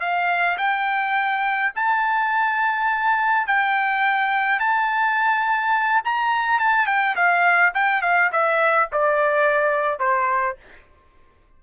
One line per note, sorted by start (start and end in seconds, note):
0.00 0.57 F5
0.58 1.72 G5
1.75 3.47 A5
3.47 4.59 G5
4.59 6.02 A5
6.04 6.59 A#5
6.59 6.86 A5
6.86 7.15 G5
7.16 7.73 F5
7.74 8.02 G5
8.02 8.30 F5
8.32 8.89 E5
8.92 9.99 D5
9.99 10.56 C5